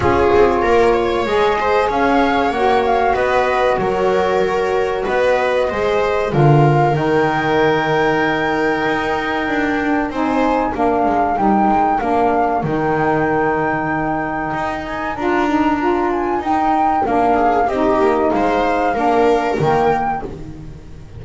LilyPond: <<
  \new Staff \with { instrumentName = "flute" } { \time 4/4 \tempo 4 = 95 cis''2 dis''4 f''4 | fis''8 f''8 dis''4 cis''2 | dis''2 f''4 g''4~ | g''1 |
gis''4 f''4 g''4 f''4 | g''2.~ g''8 gis''8 | ais''4. gis''8 g''4 f''4 | dis''4 f''2 g''4 | }
  \new Staff \with { instrumentName = "viola" } { \time 4/4 gis'4 ais'8 cis''4 c''8 cis''4~ | cis''4 b'4 ais'2 | b'4 c''4 ais'2~ | ais'1 |
c''4 ais'2.~ | ais'1~ | ais'2.~ ais'8 gis'8 | g'4 c''4 ais'2 | }
  \new Staff \with { instrumentName = "saxophone" } { \time 4/4 f'2 gis'2 | fis'1~ | fis'4 gis'4 f'4 dis'4~ | dis'2.~ dis'8 d'8 |
dis'4 d'4 dis'4 d'4 | dis'1 | f'8 dis'8 f'4 dis'4 d'4 | dis'2 d'4 ais4 | }
  \new Staff \with { instrumentName = "double bass" } { \time 4/4 cis'8 c'8 ais4 gis4 cis'4 | ais4 b4 fis2 | b4 gis4 d4 dis4~ | dis2 dis'4 d'4 |
c'4 ais8 gis8 g8 gis8 ais4 | dis2. dis'4 | d'2 dis'4 ais4 | c'8 ais8 gis4 ais4 dis4 | }
>>